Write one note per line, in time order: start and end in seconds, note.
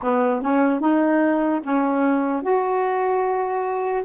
0.02 0.41 B3
0.41 0.80 C#4
0.80 1.61 D#4
1.63 2.42 C#4
2.42 4.04 F#4